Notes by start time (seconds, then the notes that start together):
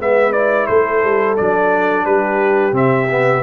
0.00 G#3 B3 B4 E5
0.33 E4 D5
0.67 A3 A4 C5
1.04 G3
1.37 F#3 D4 D5
2.05 G3 G4 B4
2.72 C3 C4 E5
3.11 B3